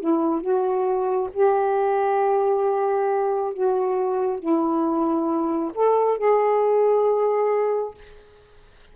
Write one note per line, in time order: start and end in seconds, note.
0.00 0.41 E4
0.41 1.29 F#4
1.33 3.53 G4
3.53 4.39 F#4
4.39 5.71 E4
5.74 6.18 A4
6.18 7.94 G#4